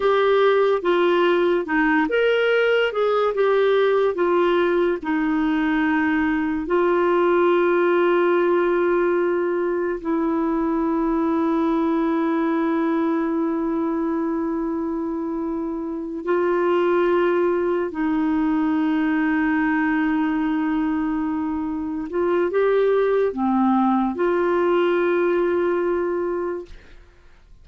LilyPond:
\new Staff \with { instrumentName = "clarinet" } { \time 4/4 \tempo 4 = 72 g'4 f'4 dis'8 ais'4 gis'8 | g'4 f'4 dis'2 | f'1 | e'1~ |
e'2.~ e'8 f'8~ | f'4. dis'2~ dis'8~ | dis'2~ dis'8 f'8 g'4 | c'4 f'2. | }